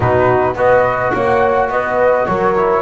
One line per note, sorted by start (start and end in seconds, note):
0.00 0.54 B2
0.00 0.55 D#4
0.00 0.55 F#4
0.00 0.56 B4
0.54 1.11 B3
0.54 2.55 F#4
0.54 1.12 B4
0.54 1.11 D#5
1.11 1.69 A#3
1.11 1.69 C#5
1.11 1.67 F#5
1.69 2.26 B3
1.69 2.27 B4
1.69 2.26 D#5
2.26 2.82 F#3
2.26 2.82 A#4
2.26 2.82 C#5
2.56 2.82 E4